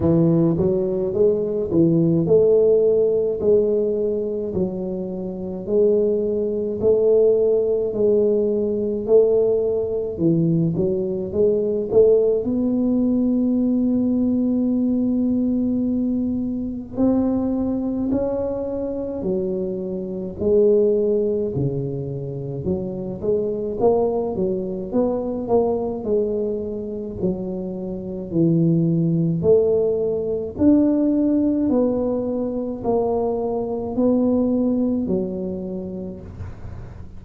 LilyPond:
\new Staff \with { instrumentName = "tuba" } { \time 4/4 \tempo 4 = 53 e8 fis8 gis8 e8 a4 gis4 | fis4 gis4 a4 gis4 | a4 e8 fis8 gis8 a8 b4~ | b2. c'4 |
cis'4 fis4 gis4 cis4 | fis8 gis8 ais8 fis8 b8 ais8 gis4 | fis4 e4 a4 d'4 | b4 ais4 b4 fis4 | }